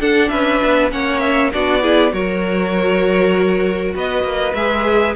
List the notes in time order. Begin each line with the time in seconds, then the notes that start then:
0.00 D4 A4 F#5
0.29 C#4 B4 E5
0.63 B3
0.91 A#3 C#4 C#5 F#5
1.20 E5
1.53 B3 D4 F#4 D5
1.82 E4 G#4
2.11 F#3 F#4 A#4 C#5
3.95 B3 B4 D#5
4.23 A#3
4.54 G#3 G#4 E5